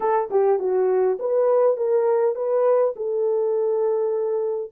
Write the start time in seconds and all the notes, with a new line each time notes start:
0.00 A4
0.30 G4
0.59 F#4
1.19 B4
1.76 A#4
2.35 B4
2.95 A4